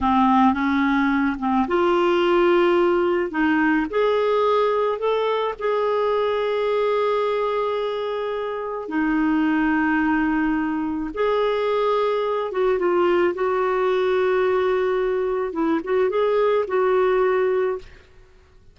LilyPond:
\new Staff \with { instrumentName = "clarinet" } { \time 4/4 \tempo 4 = 108 c'4 cis'4. c'8 f'4~ | f'2 dis'4 gis'4~ | gis'4 a'4 gis'2~ | gis'1 |
dis'1 | gis'2~ gis'8 fis'8 f'4 | fis'1 | e'8 fis'8 gis'4 fis'2 | }